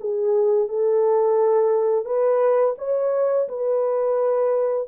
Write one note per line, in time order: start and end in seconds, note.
0.00 0.68 G#4
0.68 2.05 A4
2.05 2.75 B4
2.78 3.48 C#5
3.48 4.88 B4